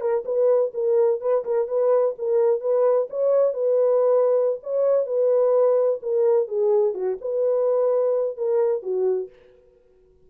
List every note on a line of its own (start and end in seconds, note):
0.00 0.23 A#4
0.24 0.71 B4
0.74 1.20 A#4
1.20 1.44 B4
1.44 1.67 A#4
1.67 2.14 B4
2.18 2.60 A#4
2.60 3.07 B4
3.10 3.53 C#5
3.53 4.59 B4
4.63 5.06 C#5
5.06 5.99 B4
6.02 6.47 A#4
6.47 6.94 G#4
6.94 7.17 F#4
7.20 8.37 B4
8.37 8.82 A#4
8.82 9.29 F#4